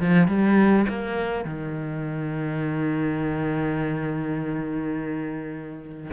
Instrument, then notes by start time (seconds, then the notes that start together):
cello
0.00 F3
0.27 G3
0.88 A#3
1.44 D#3